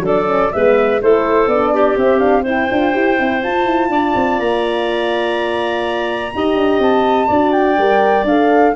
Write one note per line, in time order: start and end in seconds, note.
0.00 0.48 F#3
0.00 0.27 D4
0.00 0.53 A4
0.07 0.53 D5
0.27 0.51 C#4
0.53 1.03 G#3
0.53 1.02 B3
0.53 1.02 B4
0.53 1.01 E5
1.02 1.47 A3
1.02 1.50 E4
1.02 1.74 A4
1.02 1.49 C5
1.47 1.96 B3
1.47 1.99 D4
1.47 1.97 D5
1.74 2.43 G4
1.97 2.70 C4
1.97 2.19 C4
1.97 2.19 E5
2.19 2.43 D4
2.19 2.44 F5
2.43 2.70 E4
2.43 3.89 C5
2.50 3.43 G5
2.71 2.96 D4
2.71 2.93 F4
2.93 3.20 E4
2.93 3.18 G4
3.19 3.44 C4
3.19 3.43 E4
3.43 3.66 F4
3.43 6.34 F4
3.43 4.40 A5
3.66 3.90 E4
3.90 4.14 D4
3.90 6.33 D5
4.16 4.40 C4
4.40 6.33 A#3
4.40 6.82 A#5
6.34 6.56 D#4
6.34 7.30 G4
6.34 7.28 D#5
6.56 6.79 D4
6.79 7.28 C4
6.79 7.52 A5
7.28 7.78 D4
7.28 7.79 F#4
7.28 8.73 D5
7.52 8.25 G5
7.78 8.25 G3
7.78 8.27 A#4
8.25 8.73 D4
8.25 8.76 A4
8.25 8.76 F5